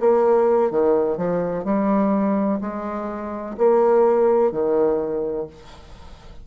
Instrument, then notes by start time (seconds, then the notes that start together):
bassoon
0.00 A#3
0.71 D#3
1.17 F3
1.65 G3
2.61 G#3
3.58 A#3
4.52 D#3